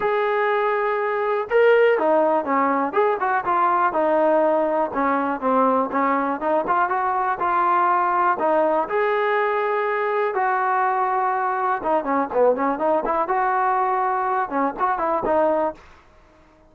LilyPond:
\new Staff \with { instrumentName = "trombone" } { \time 4/4 \tempo 4 = 122 gis'2. ais'4 | dis'4 cis'4 gis'8 fis'8 f'4 | dis'2 cis'4 c'4 | cis'4 dis'8 f'8 fis'4 f'4~ |
f'4 dis'4 gis'2~ | gis'4 fis'2. | dis'8 cis'8 b8 cis'8 dis'8 e'8 fis'4~ | fis'4. cis'8 fis'8 e'8 dis'4 | }